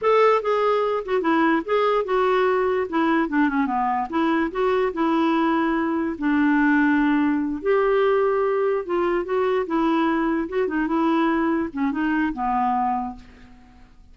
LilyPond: \new Staff \with { instrumentName = "clarinet" } { \time 4/4 \tempo 4 = 146 a'4 gis'4. fis'8 e'4 | gis'4 fis'2 e'4 | d'8 cis'8 b4 e'4 fis'4 | e'2. d'4~ |
d'2~ d'8 g'4.~ | g'4. f'4 fis'4 e'8~ | e'4. fis'8 dis'8 e'4.~ | e'8 cis'8 dis'4 b2 | }